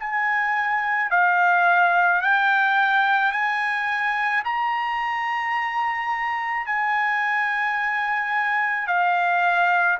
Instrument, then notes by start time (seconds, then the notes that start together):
trumpet
0.00 G#5
1.11 F5
2.22 G5
3.33 G#5
4.44 A#5
6.66 G#5
8.88 F5